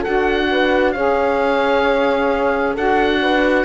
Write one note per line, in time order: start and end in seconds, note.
0.00 0.95 F#4
0.00 0.45 A4
0.00 0.92 F#5
0.08 0.96 D4
0.51 0.94 B4
0.92 2.77 C#4
0.92 2.76 G#4
0.92 2.74 C#5
0.92 2.74 F5
2.74 3.65 D4
2.74 3.65 F#4
2.74 3.20 A4
2.74 3.65 F#5
3.22 3.65 B4